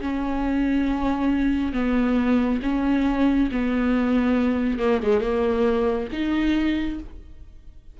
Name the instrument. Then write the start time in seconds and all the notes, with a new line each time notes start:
viola
0.00 C#4
1.73 B3
2.62 C#4
3.51 B3
4.79 A#3
5.02 G#3
5.21 A#3
6.12 D#4